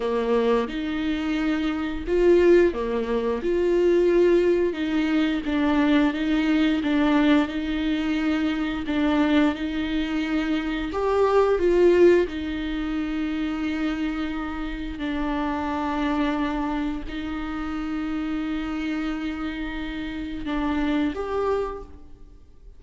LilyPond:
\new Staff \with { instrumentName = "viola" } { \time 4/4 \tempo 4 = 88 ais4 dis'2 f'4 | ais4 f'2 dis'4 | d'4 dis'4 d'4 dis'4~ | dis'4 d'4 dis'2 |
g'4 f'4 dis'2~ | dis'2 d'2~ | d'4 dis'2.~ | dis'2 d'4 g'4 | }